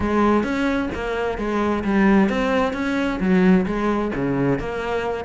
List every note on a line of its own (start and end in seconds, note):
0.00 0.43 G#3
0.43 0.89 C#4
0.94 1.38 A#3
1.38 1.83 G#3
1.84 2.29 G3
2.29 2.73 C4
2.73 3.19 C#4
3.19 3.65 F#3
3.66 4.11 G#3
4.15 4.59 C#3
4.59 5.24 A#3